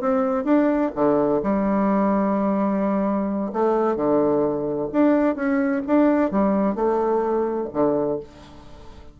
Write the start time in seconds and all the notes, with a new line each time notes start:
0.00 C4
0.44 D4
0.95 D3
1.42 G3
3.52 A3
3.96 D3
4.92 D4
5.35 C#4
5.87 D4
6.31 G3
6.75 A3
7.73 D3